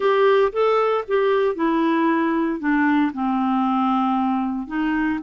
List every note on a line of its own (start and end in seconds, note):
0.00 0.51 G4
0.52 1.04 A4
1.07 1.55 G4
1.55 2.59 E4
2.59 3.12 D4
3.13 4.67 C4
4.67 5.19 D#4